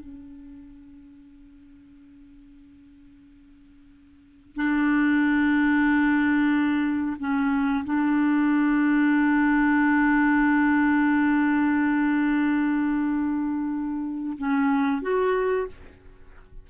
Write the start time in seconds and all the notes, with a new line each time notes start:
0.00 C#4
4.56 D4
7.19 C#4
7.85 D4
14.38 C#4
15.02 F#4